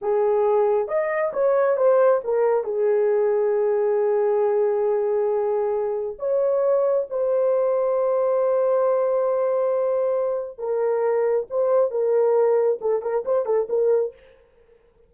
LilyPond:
\new Staff \with { instrumentName = "horn" } { \time 4/4 \tempo 4 = 136 gis'2 dis''4 cis''4 | c''4 ais'4 gis'2~ | gis'1~ | gis'2 cis''2 |
c''1~ | c''1 | ais'2 c''4 ais'4~ | ais'4 a'8 ais'8 c''8 a'8 ais'4 | }